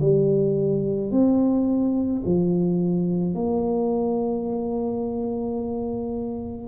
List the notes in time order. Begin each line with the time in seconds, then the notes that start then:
0.00 G3
1.11 C4
2.25 F3
3.34 A#3